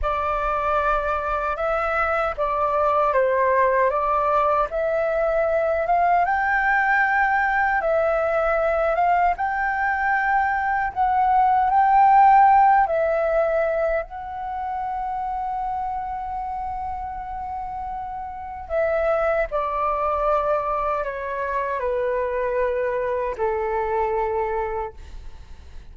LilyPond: \new Staff \with { instrumentName = "flute" } { \time 4/4 \tempo 4 = 77 d''2 e''4 d''4 | c''4 d''4 e''4. f''8 | g''2 e''4. f''8 | g''2 fis''4 g''4~ |
g''8 e''4. fis''2~ | fis''1 | e''4 d''2 cis''4 | b'2 a'2 | }